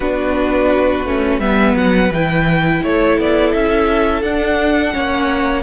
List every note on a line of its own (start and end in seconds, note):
0.00 1.04 B3
0.00 1.06 D4
0.00 1.40 F#4
0.00 1.39 B4
1.04 1.39 A3
1.04 1.41 C#4
1.39 1.74 G3
1.39 2.12 B3
1.39 2.81 B4
1.39 1.74 E5
1.75 2.10 F#3
1.75 2.12 F#5
2.10 2.80 E3
2.10 4.24 E4
2.10 2.83 G5
2.83 3.18 A3
2.83 4.93 A4
2.83 3.19 C#5
3.18 3.53 B3
3.18 3.53 D5
3.53 4.22 C#4
3.53 4.21 E5
4.21 4.92 D4
4.21 4.93 D4
4.21 5.63 F#5
4.93 5.63 A#3
4.93 5.63 C#4
4.93 5.63 C#5